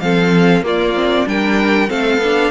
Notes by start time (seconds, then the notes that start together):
0.00 F3 C4 A4 F5
0.62 A#3 F4 D5
0.94 C4
1.26 G3 D4 A#4 G5
1.88 A3 C4 A4 F5
2.17 B3 D4